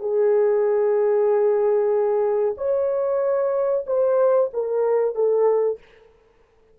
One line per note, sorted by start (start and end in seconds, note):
0.00 2.55 G#4
2.58 3.85 C#5
3.87 4.51 C5
4.53 5.15 A#4
5.15 5.79 A4